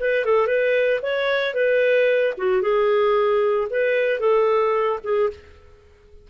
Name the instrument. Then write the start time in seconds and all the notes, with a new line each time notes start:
clarinet
0.00 B4
0.25 A4
0.47 B4
1.02 C#5
1.54 B4
2.37 F#4
2.61 G#4
3.70 B4
4.19 A4
5.03 G#4